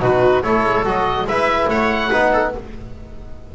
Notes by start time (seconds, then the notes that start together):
0.00 B2 D#4 F#4 B4
0.42 A3 E4 A4 C#5
0.64 G#3
0.85 F#3 F#4 D#5
1.24 G#3 E4 B4 E5
1.68 A3 C#5 F#5
2.10 B3 D#4 B4
2.32 A4